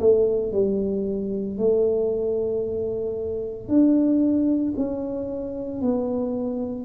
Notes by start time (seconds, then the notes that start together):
0.00 A3
0.53 G3
1.58 A3
3.69 D4
4.77 C#4
5.82 B3